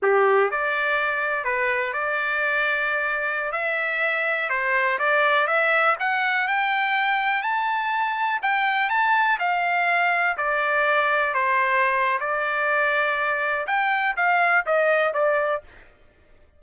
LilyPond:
\new Staff \with { instrumentName = "trumpet" } { \time 4/4 \tempo 4 = 123 g'4 d''2 b'4 | d''2.~ d''16 e''8.~ | e''4~ e''16 c''4 d''4 e''8.~ | e''16 fis''4 g''2 a''8.~ |
a''4~ a''16 g''4 a''4 f''8.~ | f''4~ f''16 d''2 c''8.~ | c''4 d''2. | g''4 f''4 dis''4 d''4 | }